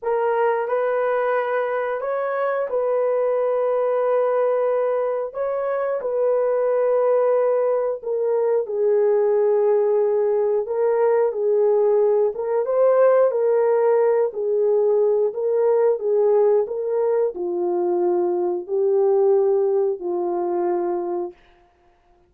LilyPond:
\new Staff \with { instrumentName = "horn" } { \time 4/4 \tempo 4 = 90 ais'4 b'2 cis''4 | b'1 | cis''4 b'2. | ais'4 gis'2. |
ais'4 gis'4. ais'8 c''4 | ais'4. gis'4. ais'4 | gis'4 ais'4 f'2 | g'2 f'2 | }